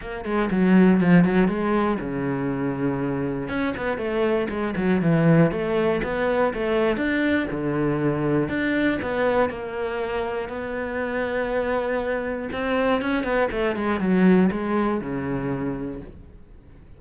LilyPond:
\new Staff \with { instrumentName = "cello" } { \time 4/4 \tempo 4 = 120 ais8 gis8 fis4 f8 fis8 gis4 | cis2. cis'8 b8 | a4 gis8 fis8 e4 a4 | b4 a4 d'4 d4~ |
d4 d'4 b4 ais4~ | ais4 b2.~ | b4 c'4 cis'8 b8 a8 gis8 | fis4 gis4 cis2 | }